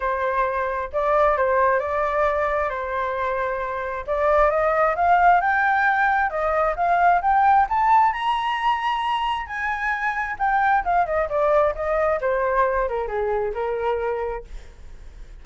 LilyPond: \new Staff \with { instrumentName = "flute" } { \time 4/4 \tempo 4 = 133 c''2 d''4 c''4 | d''2 c''2~ | c''4 d''4 dis''4 f''4 | g''2 dis''4 f''4 |
g''4 a''4 ais''2~ | ais''4 gis''2 g''4 | f''8 dis''8 d''4 dis''4 c''4~ | c''8 ais'8 gis'4 ais'2 | }